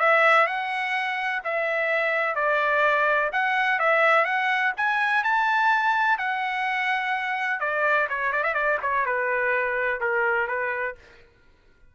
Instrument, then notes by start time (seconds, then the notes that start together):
trumpet
0.00 E5
0.47 F#5
1.44 E5
2.36 D5
3.33 F#5
3.80 E5
4.25 F#5
4.77 G#5
5.24 A5
6.18 F#5
7.60 D5
8.10 C#5
8.33 D5
8.44 E5
8.55 D5
8.82 C#5
9.06 B4
10.01 A#4
10.48 B4